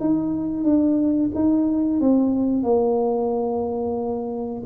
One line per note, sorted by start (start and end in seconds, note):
0.00 0.64 D#4
0.64 1.31 D4
1.35 2.00 D#4
2.00 2.63 C4
2.63 4.63 A#3